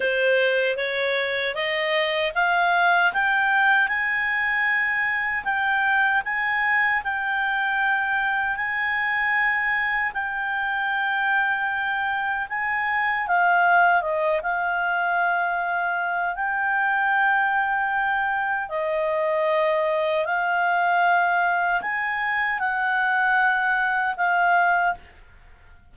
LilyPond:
\new Staff \with { instrumentName = "clarinet" } { \time 4/4 \tempo 4 = 77 c''4 cis''4 dis''4 f''4 | g''4 gis''2 g''4 | gis''4 g''2 gis''4~ | gis''4 g''2. |
gis''4 f''4 dis''8 f''4.~ | f''4 g''2. | dis''2 f''2 | gis''4 fis''2 f''4 | }